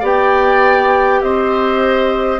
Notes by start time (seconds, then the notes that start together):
0.00 B3 G4 D5 G5
1.22 C4 C5 D#5